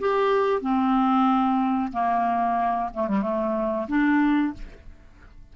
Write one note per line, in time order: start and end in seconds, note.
0.00 0.62 G4
0.62 1.92 C4
1.92 2.90 A#3
2.94 3.08 A3
3.08 3.22 G3
3.22 3.87 A3
3.88 4.54 D4